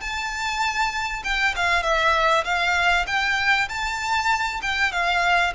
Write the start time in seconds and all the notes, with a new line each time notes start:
0.00 A5
1.23 G5
1.56 F5
1.82 E5
2.44 F5
3.07 G5
3.68 A5
4.62 G5
4.91 F5